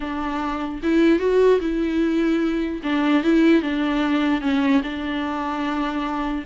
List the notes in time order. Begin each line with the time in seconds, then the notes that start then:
0.00 D4
0.83 E4
1.19 F#4
1.60 E4
2.83 D4
3.23 E4
3.62 D4
4.41 C#4
4.83 D4